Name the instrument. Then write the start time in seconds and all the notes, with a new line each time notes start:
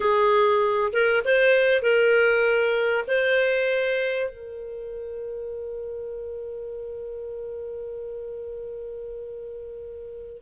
clarinet
0.00 G#4
0.92 A#4
1.24 C5
1.82 A#4
3.08 C5
4.29 A#4